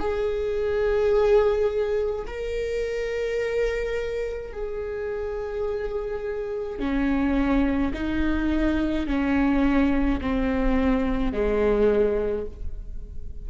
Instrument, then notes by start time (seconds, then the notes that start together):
viola
0.00 G#4
2.27 A#4
4.53 G#4
6.79 C#4
7.94 D#4
9.07 C#4
10.21 C4
11.33 G#3